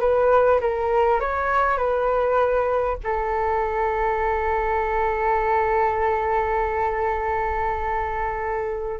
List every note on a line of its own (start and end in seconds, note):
0.00 0.60 B4
0.61 1.20 A#4
1.20 1.77 C#5
1.77 2.97 B4
3.04 9.00 A4